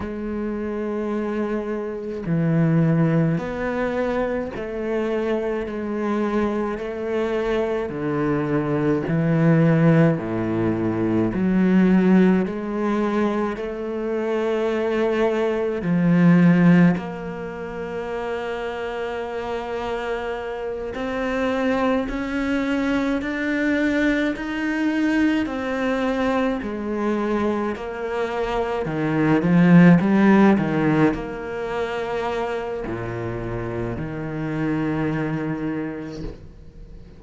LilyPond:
\new Staff \with { instrumentName = "cello" } { \time 4/4 \tempo 4 = 53 gis2 e4 b4 | a4 gis4 a4 d4 | e4 a,4 fis4 gis4 | a2 f4 ais4~ |
ais2~ ais8 c'4 cis'8~ | cis'8 d'4 dis'4 c'4 gis8~ | gis8 ais4 dis8 f8 g8 dis8 ais8~ | ais4 ais,4 dis2 | }